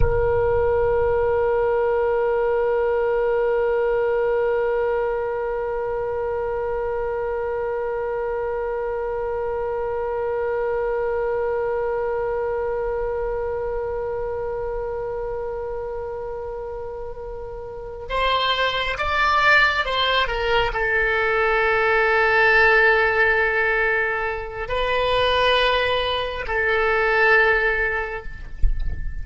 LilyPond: \new Staff \with { instrumentName = "oboe" } { \time 4/4 \tempo 4 = 68 ais'1~ | ais'1~ | ais'1~ | ais'1~ |
ais'1~ | ais'8 c''4 d''4 c''8 ais'8 a'8~ | a'1 | b'2 a'2 | }